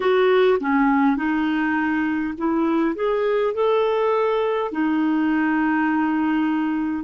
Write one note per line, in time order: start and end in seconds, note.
0.00 0.58 F#4
0.59 1.16 C#4
1.16 2.34 D#4
2.37 2.95 E4
2.95 3.53 G#4
3.53 4.71 A4
4.71 7.03 D#4